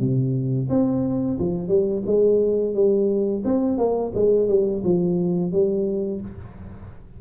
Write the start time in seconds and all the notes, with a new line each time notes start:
0.00 C3
0.70 C4
1.39 F3
1.69 G3
2.07 G#3
2.74 G3
3.45 C4
3.78 A#3
4.15 G#3
4.48 G3
4.84 F3
5.53 G3